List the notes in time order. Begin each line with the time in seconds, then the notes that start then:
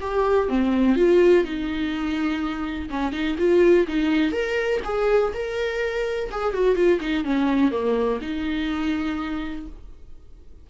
0.00 G4
0.48 C4
0.96 F4
1.44 D#4
2.89 C#4
3.12 D#4
3.38 F4
3.87 D#4
4.32 A#4
4.84 G#4
5.33 A#4
6.31 G#4
6.53 F#4
6.75 F4
7.00 D#4
7.24 C#4
7.71 A#3
8.21 D#4